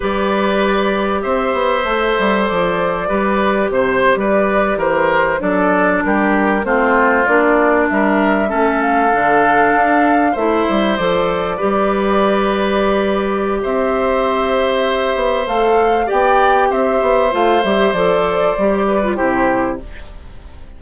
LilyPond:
<<
  \new Staff \with { instrumentName = "flute" } { \time 4/4 \tempo 4 = 97 d''2 e''2 | d''2 c''8. d''4 c''16~ | c''8. d''4 ais'4 c''4 d''16~ | d''8. e''4. f''4.~ f''16~ |
f''8. e''4 d''2~ d''16~ | d''2 e''2~ | e''4 f''4 g''4 e''4 | f''8 e''8 d''2 c''4 | }
  \new Staff \with { instrumentName = "oboe" } { \time 4/4 b'2 c''2~ | c''4 b'4 c''8. b'4 ais'16~ | ais'8. a'4 g'4 f'4~ f'16~ | f'8. ais'4 a'2~ a'16~ |
a'8. c''2 b'4~ b'16~ | b'2 c''2~ | c''2 d''4 c''4~ | c''2~ c''8 b'8 g'4 | }
  \new Staff \with { instrumentName = "clarinet" } { \time 4/4 g'2. a'4~ | a'4 g'2.~ | g'8. d'2 c'4 d'16~ | d'4.~ d'16 cis'4 d'4~ d'16~ |
d'8. e'4 a'4 g'4~ g'16~ | g'1~ | g'4 a'4 g'2 | f'8 g'8 a'4 g'8. f'16 e'4 | }
  \new Staff \with { instrumentName = "bassoon" } { \time 4/4 g2 c'8 b8 a8 g8 | f4 g4 c8. g4 e16~ | e8. fis4 g4 a4 ais16~ | ais8. g4 a4 d4 d'16~ |
d'8. a8 g8 f4 g4~ g16~ | g2 c'2~ | c'8 b8 a4 b4 c'8 b8 | a8 g8 f4 g4 c4 | }
>>